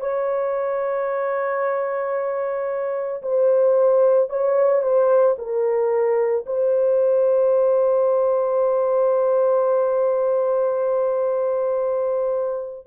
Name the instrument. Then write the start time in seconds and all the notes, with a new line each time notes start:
horn
0.00 C#5
3.22 C5
4.29 C#5
4.82 C5
5.38 A#4
6.46 C5